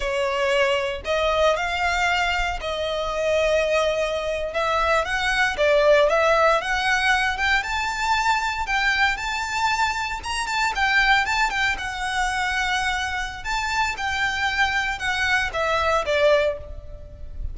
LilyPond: \new Staff \with { instrumentName = "violin" } { \time 4/4 \tempo 4 = 116 cis''2 dis''4 f''4~ | f''4 dis''2.~ | dis''8. e''4 fis''4 d''4 e''16~ | e''8. fis''4. g''8 a''4~ a''16~ |
a''8. g''4 a''2 ais''16~ | ais''16 a''8 g''4 a''8 g''8 fis''4~ fis''16~ | fis''2 a''4 g''4~ | g''4 fis''4 e''4 d''4 | }